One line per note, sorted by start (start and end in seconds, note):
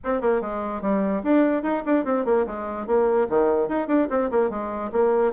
0.04 0.21 C4
0.21 0.41 A#3
0.41 0.81 G#3
0.81 1.22 G3
1.23 1.63 D4
1.63 1.83 D#4
1.85 2.04 D4
2.04 2.25 C4
2.25 2.45 A#3
2.46 2.86 G#3
2.86 3.27 A#3
3.29 3.68 D#3
3.68 3.87 D#4
3.87 4.07 D4
4.09 4.30 C4
4.30 4.50 A#3
4.50 4.91 G#3
4.92 5.32 A#3